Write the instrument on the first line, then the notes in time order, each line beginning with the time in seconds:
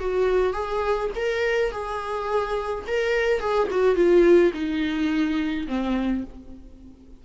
viola
0.00 F#4
0.54 G#4
1.16 A#4
1.72 G#4
2.87 A#4
3.40 G#4
3.71 F#4
3.96 F4
4.54 D#4
5.68 C4